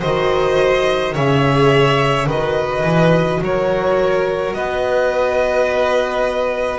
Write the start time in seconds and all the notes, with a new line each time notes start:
0.00 D#3 F#4 C5 D#5
1.13 C#3 G#4 C#5 E5
2.26 D#3 F#4 B4 D#5
2.83 E3
3.41 F#3 A#4 C#5
4.53 B3 B4 D#5